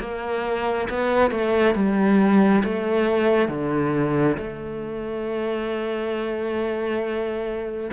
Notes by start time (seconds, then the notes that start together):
0.00 A#3
0.89 B3
1.31 A3
1.75 G3
2.64 A3
3.49 D3
4.38 A3